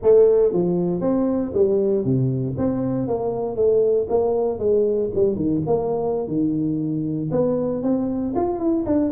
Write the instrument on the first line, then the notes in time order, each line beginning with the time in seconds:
tuba
0.02 A3
0.52 F3
1.00 C4
1.54 G3
2.04 C3
2.57 C4
3.07 A#3
3.55 A3
4.09 A#3
4.58 G#3
5.14 G3
5.35 D#3
5.66 A#3
6.27 D#3
7.31 B3
7.83 C4
8.35 F4
8.59 E4
8.86 D4